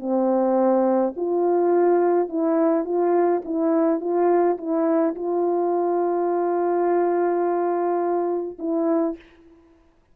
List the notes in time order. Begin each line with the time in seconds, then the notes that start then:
0.00 C4
1.17 F4
2.29 E4
2.85 F4
3.45 E4
4.01 F4
4.58 E4
5.16 F4
8.59 E4